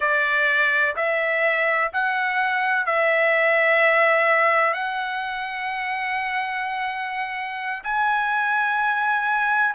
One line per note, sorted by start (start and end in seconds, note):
0.00 0.95 D5
0.95 1.90 E5
1.92 2.86 F#5
2.86 4.73 E5
4.73 7.83 F#5
7.84 9.74 G#5